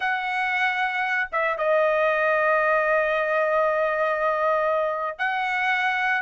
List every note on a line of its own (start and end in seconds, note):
0.00 1.29 F#5
1.32 1.57 E5
1.57 5.18 D#5
5.18 6.21 F#5